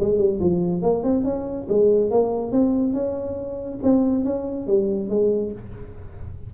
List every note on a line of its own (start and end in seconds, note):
0.00 0.19 G#3
0.19 0.40 G3
0.41 0.82 F3
0.82 1.04 A#3
1.04 1.24 C4
1.24 1.67 C#4
1.69 2.11 G#3
2.11 2.52 A#3
2.52 2.94 C4
2.94 3.79 C#4
3.83 4.25 C4
4.25 4.67 C#4
4.67 5.09 G3
5.09 5.52 G#3